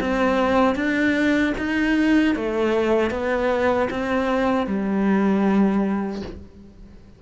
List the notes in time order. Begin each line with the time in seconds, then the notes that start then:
0.00 C4
0.75 D4
1.58 D#4
2.36 A3
3.11 B3
3.90 C4
4.66 G3